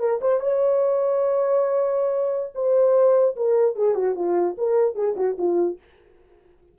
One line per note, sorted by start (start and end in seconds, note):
0.00 0.20 A#4
0.21 0.40 C5
0.40 2.53 C#5
2.55 3.36 C5
3.36 3.76 A#4
3.76 3.95 G#4
3.95 4.15 F#4
4.16 4.56 F4
4.58 4.95 A#4
4.95 5.16 G#4
5.17 5.37 F#4
5.38 5.79 F4